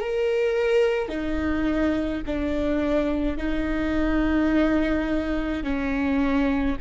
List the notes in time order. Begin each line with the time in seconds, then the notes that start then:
0.00 A#4
1.09 D#4
2.26 D4
3.38 D#4
5.63 C#4